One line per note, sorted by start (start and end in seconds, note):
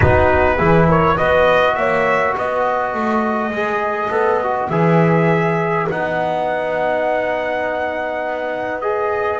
0.00 0.60 B3
0.00 0.58 D#4
0.00 0.56 F#4
0.00 0.88 B4
0.56 1.19 E3
0.56 1.17 E4
0.56 0.86 G#4
0.88 1.17 A#4
0.88 1.17 C#5
1.17 1.76 B3
1.17 3.52 F#4
1.17 1.76 B4
1.17 1.74 D#5
1.74 2.35 A#3
1.74 2.36 C#5
1.74 2.33 E5
2.36 2.94 B3
2.36 9.40 B4
2.36 4.69 D#5
2.94 3.50 A3
3.50 4.08 G#3
3.50 4.10 G#4
4.10 4.69 B3
4.10 4.40 A4
4.43 4.71 F#4
4.69 5.87 E3
4.69 5.88 G#4
4.69 5.87 E5
5.89 9.40 B3
5.89 8.82 D#4
5.89 8.81 F#5
8.81 9.40 G#4
8.81 9.40 D#5